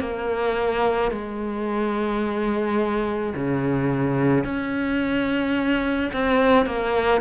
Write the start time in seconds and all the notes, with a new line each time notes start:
0.00 A#3
1.12 G#3
3.35 C#3
4.44 C#4
6.13 C4
6.66 A#3